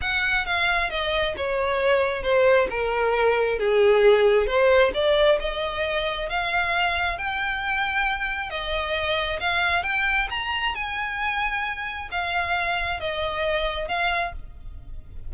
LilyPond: \new Staff \with { instrumentName = "violin" } { \time 4/4 \tempo 4 = 134 fis''4 f''4 dis''4 cis''4~ | cis''4 c''4 ais'2 | gis'2 c''4 d''4 | dis''2 f''2 |
g''2. dis''4~ | dis''4 f''4 g''4 ais''4 | gis''2. f''4~ | f''4 dis''2 f''4 | }